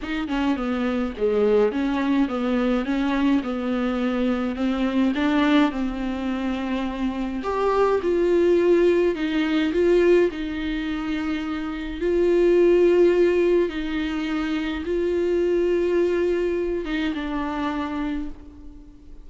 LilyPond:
\new Staff \with { instrumentName = "viola" } { \time 4/4 \tempo 4 = 105 dis'8 cis'8 b4 gis4 cis'4 | b4 cis'4 b2 | c'4 d'4 c'2~ | c'4 g'4 f'2 |
dis'4 f'4 dis'2~ | dis'4 f'2. | dis'2 f'2~ | f'4. dis'8 d'2 | }